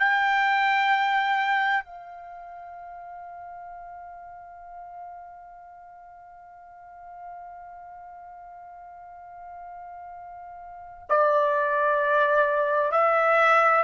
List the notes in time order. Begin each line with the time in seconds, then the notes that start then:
0.00 G5
1.84 F5
11.09 D5
12.92 E5